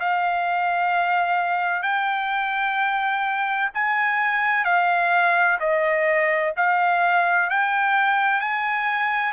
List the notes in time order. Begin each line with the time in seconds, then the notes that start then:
0.00 F5
1.82 G5
3.74 G#5
4.64 F5
5.60 D#5
6.57 F5
7.50 G5
8.40 G#5